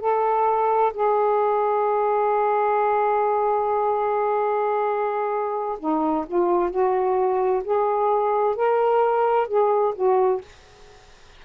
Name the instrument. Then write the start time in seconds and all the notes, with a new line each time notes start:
saxophone
0.00 A4
0.94 G#4
5.79 D#4
6.27 F4
6.70 F#4
7.64 G#4
8.56 A#4
9.48 G#4
9.95 F#4